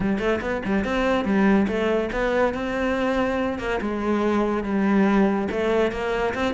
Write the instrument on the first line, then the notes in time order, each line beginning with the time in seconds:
cello
0.00 G3
0.18 A3
0.41 B3
0.65 G3
0.84 C4
1.24 G3
1.67 A3
2.12 B3
2.54 C4
3.58 A#3
3.81 G#3
4.63 G3
5.51 A3
5.91 A#3
6.34 C4